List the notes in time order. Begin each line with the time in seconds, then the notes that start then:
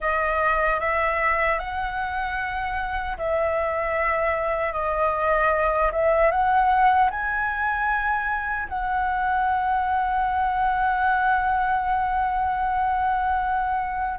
0.00 D#5
0.80 E5
1.59 F#5
3.17 E5
4.72 D#5
5.92 E5
6.31 F#5
7.10 G#5
8.68 F#5